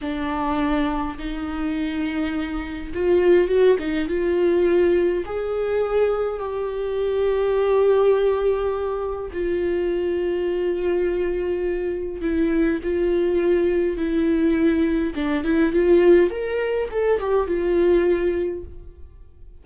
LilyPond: \new Staff \with { instrumentName = "viola" } { \time 4/4 \tempo 4 = 103 d'2 dis'2~ | dis'4 f'4 fis'8 dis'8 f'4~ | f'4 gis'2 g'4~ | g'1 |
f'1~ | f'4 e'4 f'2 | e'2 d'8 e'8 f'4 | ais'4 a'8 g'8 f'2 | }